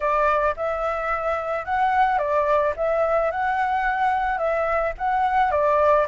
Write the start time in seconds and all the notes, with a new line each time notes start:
0.00 D5
0.56 E5
1.65 F#5
2.18 D5
2.76 E5
3.31 F#5
4.38 E5
4.97 F#5
5.51 D5